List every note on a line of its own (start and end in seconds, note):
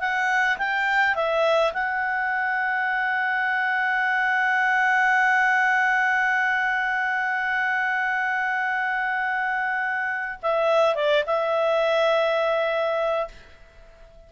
0.00 0.58 F#5
0.58 1.15 G5
1.15 1.73 E5
1.73 10.39 F#5
10.42 10.95 E5
10.95 11.24 D5
11.27 13.28 E5